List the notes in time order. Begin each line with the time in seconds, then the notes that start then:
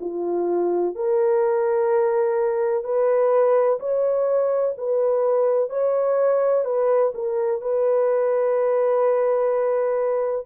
0.00 F4
0.95 A#4
2.84 B4
3.80 C#5
4.77 B4
5.69 C#5
6.65 B4
7.14 A#4
7.61 B4